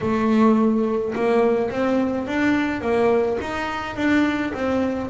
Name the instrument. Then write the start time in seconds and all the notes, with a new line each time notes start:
double bass
0.01 A3
1.15 A#3
1.70 C4
2.26 D4
2.81 A#3
3.40 D#4
3.96 D4
4.53 C4